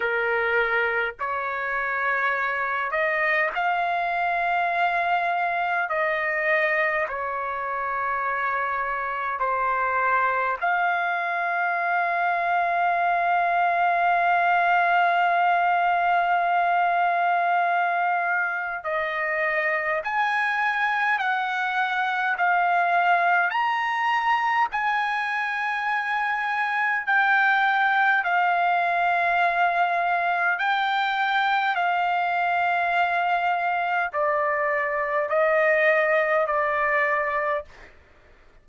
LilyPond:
\new Staff \with { instrumentName = "trumpet" } { \time 4/4 \tempo 4 = 51 ais'4 cis''4. dis''8 f''4~ | f''4 dis''4 cis''2 | c''4 f''2.~ | f''1 |
dis''4 gis''4 fis''4 f''4 | ais''4 gis''2 g''4 | f''2 g''4 f''4~ | f''4 d''4 dis''4 d''4 | }